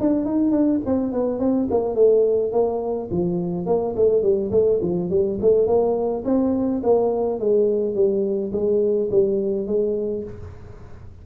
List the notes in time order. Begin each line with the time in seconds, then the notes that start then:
0.00 D4
0.25 D#4
0.51 D4
0.85 C4
1.12 B3
1.39 C4
1.70 A#3
1.95 A3
2.52 A#3
3.11 F3
3.66 A#3
3.96 A3
4.22 G3
4.51 A3
4.82 F3
5.10 G3
5.41 A3
5.67 A#3
6.25 C4
6.83 A#3
7.40 G#3
7.95 G3
8.52 G#3
9.11 G3
9.66 G#3